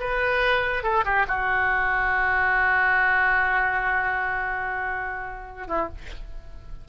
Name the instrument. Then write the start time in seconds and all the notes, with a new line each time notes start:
oboe
0.00 B4
0.84 A4
1.05 G4
1.28 F#4
5.68 E4